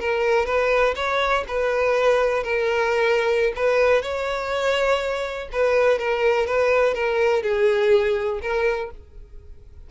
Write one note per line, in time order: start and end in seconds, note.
0.00 0.46 A#4
0.46 0.94 B4
0.96 1.44 C#5
1.48 2.43 B4
2.43 3.53 A#4
3.56 4.02 B4
4.02 5.49 C#5
5.52 5.99 B4
5.99 6.47 A#4
6.47 6.94 B4
6.94 7.43 A#4
7.43 8.40 G#4
8.42 8.91 A#4